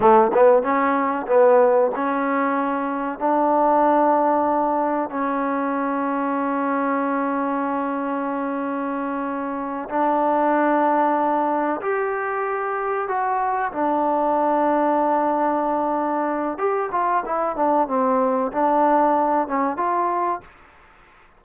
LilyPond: \new Staff \with { instrumentName = "trombone" } { \time 4/4 \tempo 4 = 94 a8 b8 cis'4 b4 cis'4~ | cis'4 d'2. | cis'1~ | cis'2.~ cis'8 d'8~ |
d'2~ d'8 g'4.~ | g'8 fis'4 d'2~ d'8~ | d'2 g'8 f'8 e'8 d'8 | c'4 d'4. cis'8 f'4 | }